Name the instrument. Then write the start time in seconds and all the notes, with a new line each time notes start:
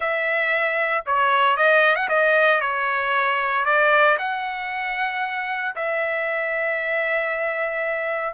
trumpet
0.00 E5
1.06 C#5
1.57 D#5
1.95 F#5
2.08 D#5
2.61 C#5
3.65 D5
4.18 F#5
5.75 E5